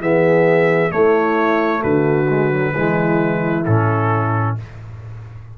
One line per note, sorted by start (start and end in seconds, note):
0.00 0.91 E3
0.00 0.90 B3
0.00 0.91 G#4
0.00 0.91 E5
0.90 2.26 A3
0.90 1.83 A3
0.90 1.80 E4
0.90 1.82 C#5
1.80 2.74 D3
1.80 2.71 F#4
1.80 3.64 B4
2.29 2.51 G#3
2.51 2.73 F#3
2.74 3.66 E3
2.74 3.66 G#3
2.74 4.55 E4
3.65 4.57 A2
3.65 4.58 C#4
3.65 4.55 A4